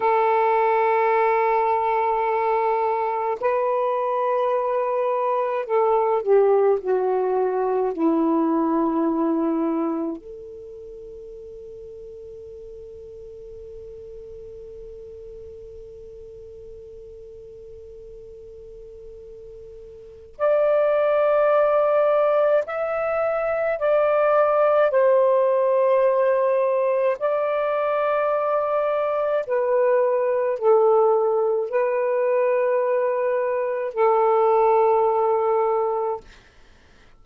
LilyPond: \new Staff \with { instrumentName = "saxophone" } { \time 4/4 \tempo 4 = 53 a'2. b'4~ | b'4 a'8 g'8 fis'4 e'4~ | e'4 a'2.~ | a'1~ |
a'2 d''2 | e''4 d''4 c''2 | d''2 b'4 a'4 | b'2 a'2 | }